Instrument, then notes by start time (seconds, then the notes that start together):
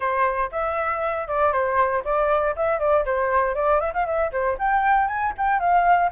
flute
0.00 C5
0.51 E5
1.27 D5
1.52 C5
2.04 D5
2.56 E5
2.79 D5
3.05 C5
3.55 D5
3.80 E5
3.93 F5
4.05 E5
4.32 C5
4.58 G5
5.07 G#5
5.37 G5
5.59 F5